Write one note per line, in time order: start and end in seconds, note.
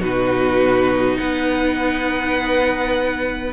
0.00 1.18 B2
0.00 3.53 D#4
0.00 1.18 F#4
0.00 1.18 B4
1.18 3.53 B3
1.18 3.53 B4
1.18 3.53 F#5